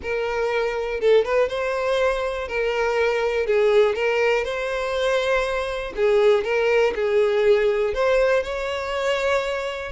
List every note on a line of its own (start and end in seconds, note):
0.02 1.00 A#4
1.00 1.24 A4
1.24 1.49 B4
1.49 2.47 C5
2.47 3.46 A#4
3.46 3.95 G#4
3.95 4.44 A#4
4.44 5.93 C5
5.96 6.44 G#4
6.44 6.93 A#4
6.95 7.94 G#4
7.94 8.43 C5
8.43 9.92 C#5